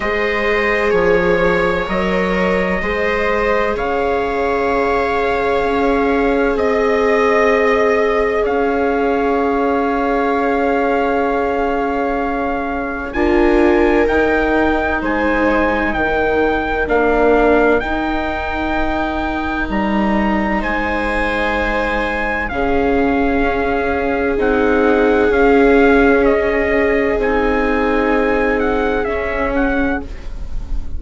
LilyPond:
<<
  \new Staff \with { instrumentName = "trumpet" } { \time 4/4 \tempo 4 = 64 dis''4 cis''4 dis''2 | f''2. dis''4~ | dis''4 f''2.~ | f''2 gis''4 g''4 |
gis''4 g''4 f''4 g''4~ | g''4 ais''4 gis''2 | f''2 fis''4 f''4 | dis''4 gis''4. fis''8 e''8 fis''8 | }
  \new Staff \with { instrumentName = "viola" } { \time 4/4 c''4 cis''2 c''4 | cis''2. dis''4~ | dis''4 cis''2.~ | cis''2 ais'2 |
c''4 ais'2.~ | ais'2 c''2 | gis'1~ | gis'1 | }
  \new Staff \with { instrumentName = "viola" } { \time 4/4 gis'2 ais'4 gis'4~ | gis'1~ | gis'1~ | gis'2 f'4 dis'4~ |
dis'2 d'4 dis'4~ | dis'1 | cis'2 dis'4 cis'4~ | cis'4 dis'2 cis'4 | }
  \new Staff \with { instrumentName = "bassoon" } { \time 4/4 gis4 f4 fis4 gis4 | cis2 cis'4 c'4~ | c'4 cis'2.~ | cis'2 d'4 dis'4 |
gis4 dis4 ais4 dis'4~ | dis'4 g4 gis2 | cis4 cis'4 c'4 cis'4~ | cis'4 c'2 cis'4 | }
>>